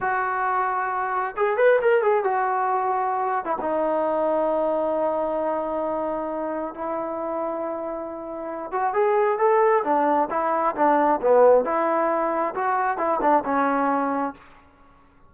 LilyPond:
\new Staff \with { instrumentName = "trombone" } { \time 4/4 \tempo 4 = 134 fis'2. gis'8 b'8 | ais'8 gis'8 fis'2~ fis'8. e'16 | dis'1~ | dis'2. e'4~ |
e'2.~ e'8 fis'8 | gis'4 a'4 d'4 e'4 | d'4 b4 e'2 | fis'4 e'8 d'8 cis'2 | }